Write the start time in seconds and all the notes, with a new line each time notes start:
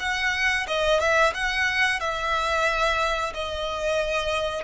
0.00 F#5
0.68 D#5
1.01 E5
1.35 F#5
2.00 E5
3.35 D#5